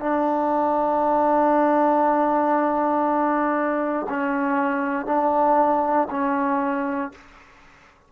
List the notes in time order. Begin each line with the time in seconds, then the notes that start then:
0.00 D4
4.09 C#4
5.06 D4
6.10 C#4